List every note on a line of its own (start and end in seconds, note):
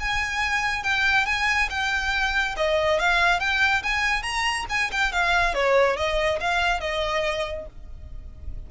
0.00 0.84 G#5
0.84 1.26 G5
1.26 1.69 G#5
1.70 2.56 G5
2.57 3.00 D#5
3.00 3.40 F5
3.40 3.83 G5
3.83 4.23 G#5
4.23 4.66 A#5
4.70 4.91 G#5
4.92 5.12 G5
5.12 5.55 F5
5.55 5.97 C#5
5.97 6.40 D#5
6.41 6.81 F5
6.81 7.66 D#5